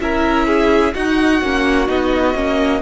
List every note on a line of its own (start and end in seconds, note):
0.00 0.94 C#4
0.00 0.94 E4
0.00 0.47 A#4
0.00 0.94 E5
0.47 0.94 G#4
0.94 1.41 D#4
0.94 1.42 D#4
0.94 2.81 F#4
0.94 1.87 F#5
1.42 1.88 A#3
1.42 1.87 C#4
1.87 2.34 B3
1.87 2.34 D#4
1.87 2.81 D#5
2.34 2.81 A#3
2.34 2.81 C#4